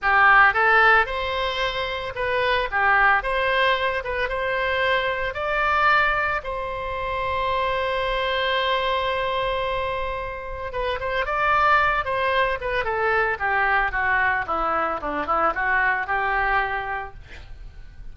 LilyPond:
\new Staff \with { instrumentName = "oboe" } { \time 4/4 \tempo 4 = 112 g'4 a'4 c''2 | b'4 g'4 c''4. b'8 | c''2 d''2 | c''1~ |
c''1 | b'8 c''8 d''4. c''4 b'8 | a'4 g'4 fis'4 e'4 | d'8 e'8 fis'4 g'2 | }